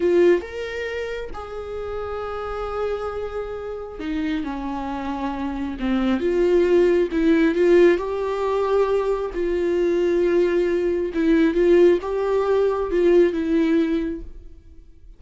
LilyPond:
\new Staff \with { instrumentName = "viola" } { \time 4/4 \tempo 4 = 135 f'4 ais'2 gis'4~ | gis'1~ | gis'4 dis'4 cis'2~ | cis'4 c'4 f'2 |
e'4 f'4 g'2~ | g'4 f'2.~ | f'4 e'4 f'4 g'4~ | g'4 f'4 e'2 | }